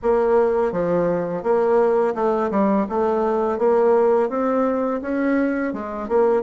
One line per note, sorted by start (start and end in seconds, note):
0.02 0.71 A#3
0.71 1.43 F3
1.43 2.14 A#3
2.14 2.50 A3
2.50 2.86 G3
2.89 3.58 A3
3.58 4.29 A#3
4.29 5.00 C4
5.01 5.73 C#4
5.73 6.08 G#3
6.08 6.42 A#3